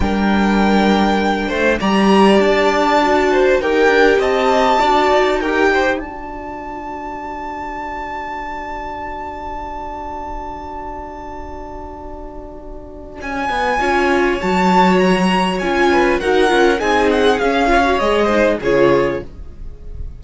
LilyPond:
<<
  \new Staff \with { instrumentName = "violin" } { \time 4/4 \tempo 4 = 100 g''2. ais''4 | a''2 g''4 a''4~ | a''4 g''4 a''2~ | a''1~ |
a''1~ | a''2 gis''2 | a''4 ais''4 gis''4 fis''4 | gis''8 fis''8 f''4 dis''4 cis''4 | }
  \new Staff \with { instrumentName = "violin" } { \time 4/4 ais'2~ ais'8 c''8 d''4~ | d''4. c''8 ais'4 dis''4 | d''4 ais'8 c''8 d''2~ | d''1~ |
d''1~ | d''2. cis''4~ | cis''2~ cis''8 b'8 ais'4 | gis'4. cis''4 c''8 gis'4 | }
  \new Staff \with { instrumentName = "viola" } { \time 4/4 d'2. g'4~ | g'4 fis'4 g'2 | fis'4 g'4 fis'2~ | fis'1~ |
fis'1~ | fis'2. f'4 | fis'2 f'4 fis'8 f'8 | dis'4 cis'8 f'16 fis'16 gis'8 dis'8 f'4 | }
  \new Staff \with { instrumentName = "cello" } { \time 4/4 g2~ g8 a8 g4 | d'2 dis'8 d'8 c'4 | d'8 dis'4. d'2~ | d'1~ |
d'1~ | d'2 cis'8 b8 cis'4 | fis2 cis'4 dis'8 cis'8 | c'4 cis'4 gis4 cis4 | }
>>